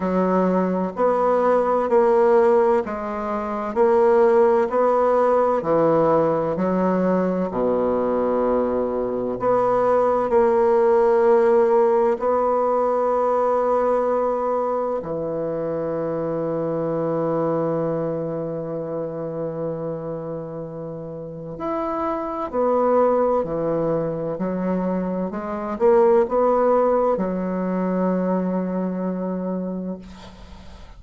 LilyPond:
\new Staff \with { instrumentName = "bassoon" } { \time 4/4 \tempo 4 = 64 fis4 b4 ais4 gis4 | ais4 b4 e4 fis4 | b,2 b4 ais4~ | ais4 b2. |
e1~ | e2. e'4 | b4 e4 fis4 gis8 ais8 | b4 fis2. | }